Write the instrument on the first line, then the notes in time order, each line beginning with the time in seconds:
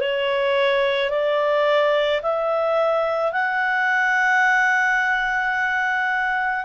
clarinet
0.00 C#5
1.10 D5
2.22 E5
3.32 F#5